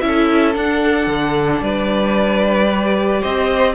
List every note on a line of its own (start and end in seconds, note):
0.00 0.55 C#4
0.00 0.53 E4
0.00 0.54 E5
0.06 1.63 A4
0.53 2.68 D4
0.53 1.07 D4
0.53 1.63 F#5
1.07 1.60 D3
1.61 3.21 G3
1.61 3.20 B4
1.61 3.23 D5
2.70 3.75 G4
3.20 3.75 C4
3.20 3.74 C5
3.20 3.75 D#5